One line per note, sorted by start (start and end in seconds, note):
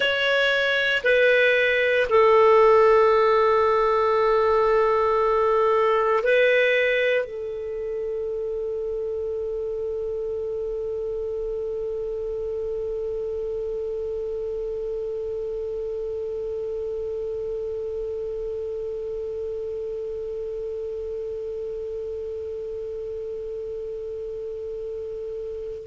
0.00 1.02 C#5
1.03 2.07 B4
2.09 6.23 A4
6.24 7.24 B4
7.24 25.86 A4